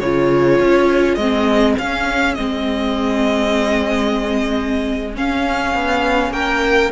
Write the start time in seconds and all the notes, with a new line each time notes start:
0.00 C#3 F4 G#4 C#5
0.60 C#4
1.15 G#3 C4 D#5
1.78 C#4 F5
2.35 G#3 C4 D#5
5.14 C#4 F5
5.75 B3
6.30 A#3 A#4 G5